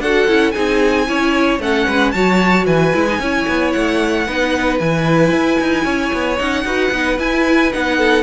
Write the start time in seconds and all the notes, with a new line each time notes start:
0.00 D4 F#4 A4 F#5
0.28 C#4 E4
0.52 C4 D#4 G#4 G#5
1.07 C#4 E4 C#5
1.59 A3 C#4 A4 F#5
1.87 G#3 B4
2.12 F#3 F#4 C#5 A5
2.66 E3 B4 G#5
2.94 G#3 E4
3.08 D#4
3.19 C#4 E4 C#5
3.48 B3
3.72 A3 F#5
4.27 B3 D#4 B4
4.80 E3 E4 G#5
5.32 E4
5.61 D#4
5.85 C#4 C#5
6.13 B3
6.38 C#4 D#4 F#5
6.64 D#4 F#4 B4
6.92 B3 D#4
7.19 E4 G#5
7.72 B3 D#4 F#5
7.98 A4